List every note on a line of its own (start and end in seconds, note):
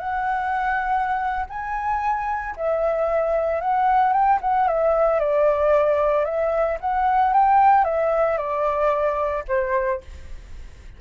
0.00 1.46 F#5
1.50 2.56 G#5
2.57 3.61 E5
3.61 4.13 F#5
4.13 4.40 G5
4.42 4.68 F#5
4.68 5.20 E5
5.20 6.25 D5
6.25 6.78 E5
6.81 7.34 F#5
7.34 7.85 G5
7.85 8.38 E5
8.38 9.44 D5
9.48 10.01 C5